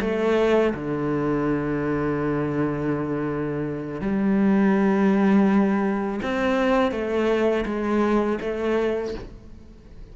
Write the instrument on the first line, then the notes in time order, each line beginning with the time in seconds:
cello
0.00 A3
0.74 D3
4.01 G3
6.22 C4
6.91 A3
7.66 G#3
8.41 A3